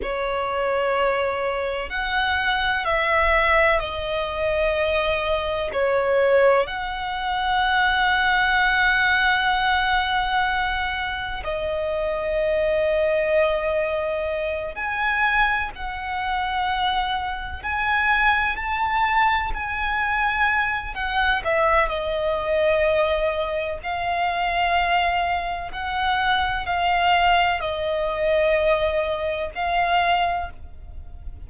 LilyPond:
\new Staff \with { instrumentName = "violin" } { \time 4/4 \tempo 4 = 63 cis''2 fis''4 e''4 | dis''2 cis''4 fis''4~ | fis''1 | dis''2.~ dis''8 gis''8~ |
gis''8 fis''2 gis''4 a''8~ | a''8 gis''4. fis''8 e''8 dis''4~ | dis''4 f''2 fis''4 | f''4 dis''2 f''4 | }